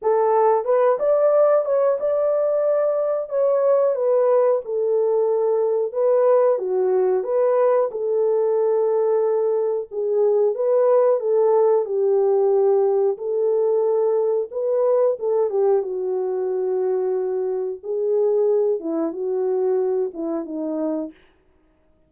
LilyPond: \new Staff \with { instrumentName = "horn" } { \time 4/4 \tempo 4 = 91 a'4 b'8 d''4 cis''8 d''4~ | d''4 cis''4 b'4 a'4~ | a'4 b'4 fis'4 b'4 | a'2. gis'4 |
b'4 a'4 g'2 | a'2 b'4 a'8 g'8 | fis'2. gis'4~ | gis'8 e'8 fis'4. e'8 dis'4 | }